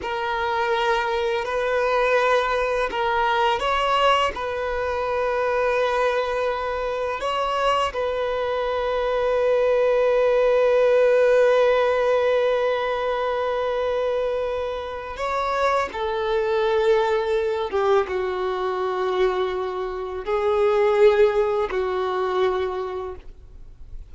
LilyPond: \new Staff \with { instrumentName = "violin" } { \time 4/4 \tempo 4 = 83 ais'2 b'2 | ais'4 cis''4 b'2~ | b'2 cis''4 b'4~ | b'1~ |
b'1~ | b'4 cis''4 a'2~ | a'8 g'8 fis'2. | gis'2 fis'2 | }